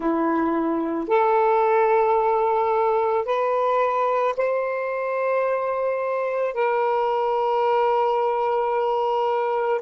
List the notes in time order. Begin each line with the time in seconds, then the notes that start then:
0.00 E4
1.08 A4
3.25 B4
4.36 C5
6.54 A#4